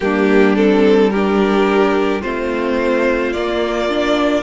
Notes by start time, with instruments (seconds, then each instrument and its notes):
0.00 cello G3, viola A#3, violin D4 G4
0.55 viola C4, violin A4
1.10 viola D4, violin G4 A#4
2.21 cello A3, viola C4, violin F4 C5
3.32 cello A#3, viola A#3, violin D5
3.89 viola D4